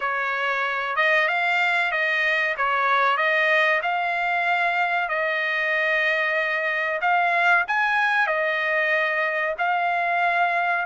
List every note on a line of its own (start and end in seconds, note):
0.00 0.96 C#5
0.96 1.28 D#5
1.28 1.91 F5
1.91 2.55 D#5
2.57 3.17 C#5
3.17 3.81 D#5
3.82 5.08 F5
5.08 7.00 D#5
7.01 7.65 F5
7.67 8.27 G#5
8.27 9.54 D#5
9.58 10.85 F5